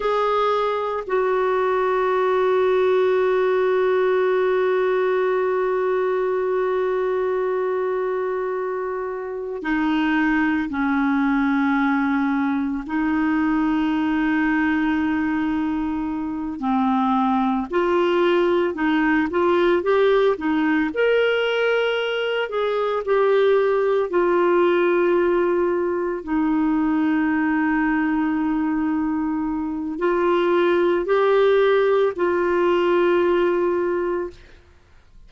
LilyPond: \new Staff \with { instrumentName = "clarinet" } { \time 4/4 \tempo 4 = 56 gis'4 fis'2.~ | fis'1~ | fis'4 dis'4 cis'2 | dis'2.~ dis'8 c'8~ |
c'8 f'4 dis'8 f'8 g'8 dis'8 ais'8~ | ais'4 gis'8 g'4 f'4.~ | f'8 dis'2.~ dis'8 | f'4 g'4 f'2 | }